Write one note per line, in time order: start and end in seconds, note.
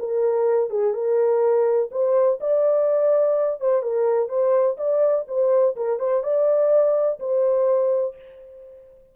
0.00 0.70 A#4
0.70 0.94 G#4
0.94 1.90 A#4
1.92 2.40 C5
2.41 3.61 D5
3.61 3.83 C5
3.83 4.30 A#4
4.30 4.78 C5
4.78 5.26 D5
5.28 5.76 C5
5.77 6.00 A#4
6.00 6.24 C5
6.24 7.20 D5
7.20 8.16 C5